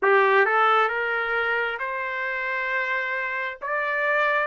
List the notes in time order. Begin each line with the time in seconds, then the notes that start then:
0.02 G4
0.45 A4
0.88 A#4
1.79 C5
3.61 D5